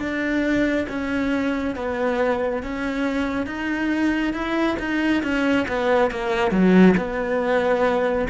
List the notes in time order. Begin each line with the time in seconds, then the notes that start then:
0.00 D4
0.89 C#4
1.76 B3
2.63 C#4
3.47 D#4
4.34 E4
4.80 D#4
5.23 C#4
5.68 B3
6.11 A#3
6.51 F#3
6.98 B3